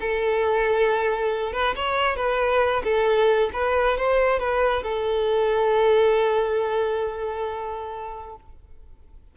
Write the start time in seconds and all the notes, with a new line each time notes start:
0.00 A4
1.53 B4
1.75 C#5
2.16 B4
2.84 A4
3.53 B4
3.97 C5
4.39 B4
4.82 A4